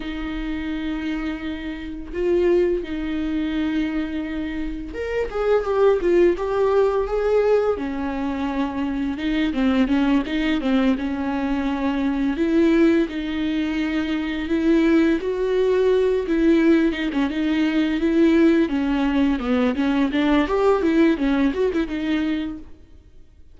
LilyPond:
\new Staff \with { instrumentName = "viola" } { \time 4/4 \tempo 4 = 85 dis'2. f'4 | dis'2. ais'8 gis'8 | g'8 f'8 g'4 gis'4 cis'4~ | cis'4 dis'8 c'8 cis'8 dis'8 c'8 cis'8~ |
cis'4. e'4 dis'4.~ | dis'8 e'4 fis'4. e'4 | dis'16 cis'16 dis'4 e'4 cis'4 b8 | cis'8 d'8 g'8 e'8 cis'8 fis'16 e'16 dis'4 | }